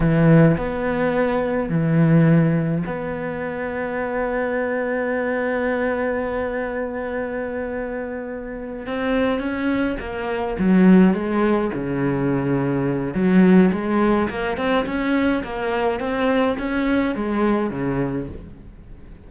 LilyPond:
\new Staff \with { instrumentName = "cello" } { \time 4/4 \tempo 4 = 105 e4 b2 e4~ | e4 b2.~ | b1~ | b2.~ b8 c'8~ |
c'8 cis'4 ais4 fis4 gis8~ | gis8 cis2~ cis8 fis4 | gis4 ais8 c'8 cis'4 ais4 | c'4 cis'4 gis4 cis4 | }